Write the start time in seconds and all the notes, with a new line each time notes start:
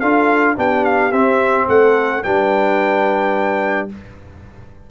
0.00 D4 F4 A4 F5
0.56 B3 D4 G4 G5
0.84 F5
1.12 C4 E5
1.68 A3 A4 F#5
2.23 G3 D4 B4 G5